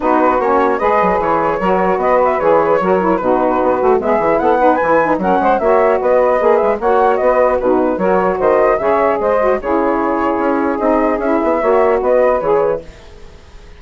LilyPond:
<<
  \new Staff \with { instrumentName = "flute" } { \time 4/4 \tempo 4 = 150 b'4 cis''4 dis''4 cis''4~ | cis''4 dis''8 e''8 cis''2 | b'2 e''4 fis''4 | gis''4 fis''4 e''4 dis''4~ |
dis''8 e''8 fis''4 dis''4 b'4 | cis''4 dis''4 e''4 dis''4 | cis''2. dis''4 | e''2 dis''4 cis''4 | }
  \new Staff \with { instrumentName = "saxophone" } { \time 4/4 fis'2 b'2 | ais'4 b'2 ais'4 | fis'2 gis'4 a'8 b'8~ | b'4 ais'8 c''8 cis''4 b'4~ |
b'4 cis''4 b'4 fis'4 | ais'4 c''4 cis''4 c''4 | gis'1~ | gis'4 cis''4 b'2 | }
  \new Staff \with { instrumentName = "saxophone" } { \time 4/4 dis'4 cis'4 gis'2 | fis'2 gis'4 fis'8 e'8 | dis'4. fis'8 b8 e'4 dis'8 | e'8 dis'8 cis'4 fis'2 |
gis'4 fis'2 dis'4 | fis'2 gis'4. fis'8 | e'2. dis'4 | e'4 fis'2 gis'4 | }
  \new Staff \with { instrumentName = "bassoon" } { \time 4/4 b4 ais4 gis8 fis8 e4 | fis4 b4 e4 fis4 | b,4 b8 a8 gis8 e8 b4 | e4 fis8 gis8 ais4 b4 |
ais8 gis8 ais4 b4 b,4 | fis4 dis4 cis4 gis4 | cis2 cis'4 c'4 | cis'8 b8 ais4 b4 e4 | }
>>